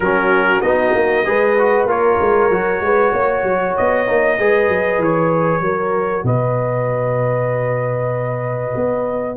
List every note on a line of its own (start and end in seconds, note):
0.00 0.60 F#3
0.00 0.63 C#4
0.00 1.26 F#4
0.00 0.61 A#4
0.61 0.93 B3
0.61 1.25 D#4
0.61 1.86 D#5
0.94 1.25 A#3
1.25 1.85 G#3
1.25 1.56 G#4
1.25 1.89 B4
1.58 1.88 F#4
1.85 2.16 A#3
1.85 2.50 F4
1.85 2.83 A#4
1.85 3.77 C#5
2.20 2.49 G#3
2.49 2.80 F#3
2.49 4.06 F#4
2.80 3.12 G#3
2.80 3.12 B4
3.12 3.43 A#3
3.12 4.37 C#5
3.43 3.74 F#3
3.77 4.09 B3
3.77 5.02 D#5
4.06 4.38 A#3
4.06 4.38 D#4
4.38 4.68 G#3
4.38 5.62 G#4
4.38 5.63 B4
4.68 4.98 F#3
4.98 5.60 E3
4.98 6.26 C#5
5.60 6.23 F#3
5.60 9.36 F#4
5.60 6.25 A#4
6.23 8.73 B2
6.23 9.36 B4
6.23 9.36 D#5
8.75 9.36 B3